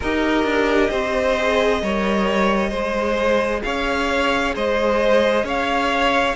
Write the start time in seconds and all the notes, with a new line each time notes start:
0.00 D#4 G4 A#4 D#5
0.44 D4
0.90 C4 C5
1.38 G#4
1.82 G3 A#4 C#5
2.69 G#3 G#4 C5
3.62 C#4 C#5 F5
4.55 G#3 C5 D#5
5.43 C#4 C#5 F5